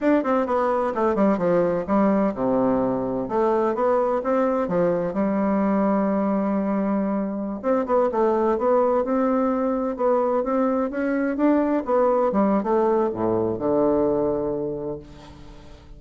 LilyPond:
\new Staff \with { instrumentName = "bassoon" } { \time 4/4 \tempo 4 = 128 d'8 c'8 b4 a8 g8 f4 | g4 c2 a4 | b4 c'4 f4 g4~ | g1~ |
g16 c'8 b8 a4 b4 c'8.~ | c'4~ c'16 b4 c'4 cis'8.~ | cis'16 d'4 b4 g8. a4 | a,4 d2. | }